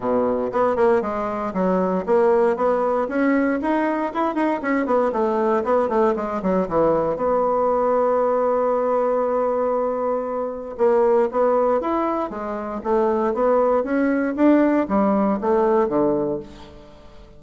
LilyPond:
\new Staff \with { instrumentName = "bassoon" } { \time 4/4 \tempo 4 = 117 b,4 b8 ais8 gis4 fis4 | ais4 b4 cis'4 dis'4 | e'8 dis'8 cis'8 b8 a4 b8 a8 | gis8 fis8 e4 b2~ |
b1~ | b4 ais4 b4 e'4 | gis4 a4 b4 cis'4 | d'4 g4 a4 d4 | }